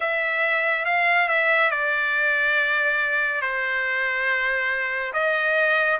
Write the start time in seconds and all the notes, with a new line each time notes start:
0.00 E5
0.85 F5
1.28 E5
1.70 D5
3.41 C5
5.13 D#5